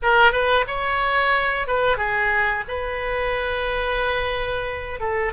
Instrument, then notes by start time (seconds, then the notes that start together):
oboe
0.02 A#4
0.32 B4
0.67 C#5
1.67 B4
1.97 G#4
2.68 B4
5.00 A4